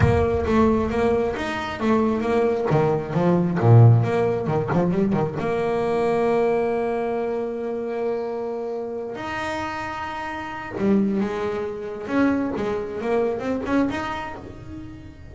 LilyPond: \new Staff \with { instrumentName = "double bass" } { \time 4/4 \tempo 4 = 134 ais4 a4 ais4 dis'4 | a4 ais4 dis4 f4 | ais,4 ais4 dis8 f8 g8 dis8 | ais1~ |
ais1~ | ais8 dis'2.~ dis'8 | g4 gis2 cis'4 | gis4 ais4 c'8 cis'8 dis'4 | }